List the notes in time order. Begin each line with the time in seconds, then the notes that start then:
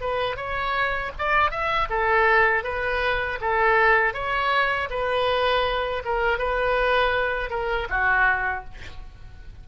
0.00 B4
0.36 C#5
1.18 D5
1.50 E5
1.90 A4
2.64 B4
3.41 A4
4.14 C#5
4.90 B4
6.04 A#4
6.38 B4
7.50 A#4
7.89 F#4